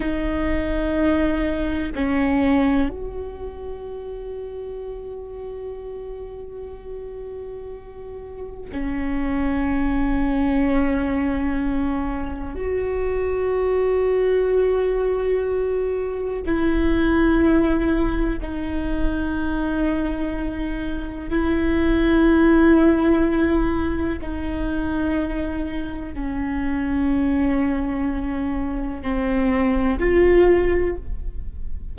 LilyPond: \new Staff \with { instrumentName = "viola" } { \time 4/4 \tempo 4 = 62 dis'2 cis'4 fis'4~ | fis'1~ | fis'4 cis'2.~ | cis'4 fis'2.~ |
fis'4 e'2 dis'4~ | dis'2 e'2~ | e'4 dis'2 cis'4~ | cis'2 c'4 f'4 | }